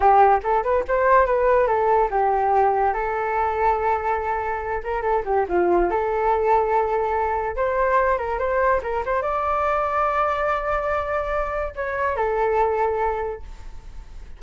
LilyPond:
\new Staff \with { instrumentName = "flute" } { \time 4/4 \tempo 4 = 143 g'4 a'8 b'8 c''4 b'4 | a'4 g'2 a'4~ | a'2.~ a'8 ais'8 | a'8 g'8 f'4 a'2~ |
a'2 c''4. ais'8 | c''4 ais'8 c''8 d''2~ | d''1 | cis''4 a'2. | }